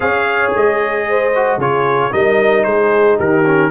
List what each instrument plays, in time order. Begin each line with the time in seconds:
0.00 tuba C#4, trombone G#4, horn C#5, trumpet F5
0.55 tuba G#3, trumpet D#5
1.08 horn C5
1.35 trombone F#4
1.57 tuba C#3, trombone F4, horn G#4, trumpet C#5
2.11 tuba G3, trombone D#4, horn A#4, trumpet D#5
2.63 tuba G#3, horn G#4, trumpet C5
3.17 tuba D#3, horn G4, trumpet A#4
3.45 trombone C#4